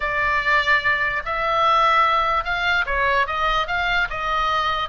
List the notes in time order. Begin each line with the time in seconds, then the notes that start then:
0.00 D5
1.25 E5
2.44 F5
2.86 C#5
3.26 D#5
3.67 F5
4.10 D#5